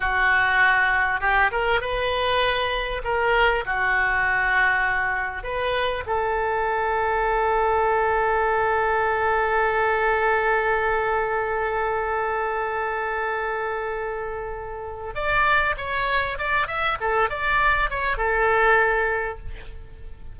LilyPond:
\new Staff \with { instrumentName = "oboe" } { \time 4/4 \tempo 4 = 99 fis'2 g'8 ais'8 b'4~ | b'4 ais'4 fis'2~ | fis'4 b'4 a'2~ | a'1~ |
a'1~ | a'1~ | a'4 d''4 cis''4 d''8 e''8 | a'8 d''4 cis''8 a'2 | }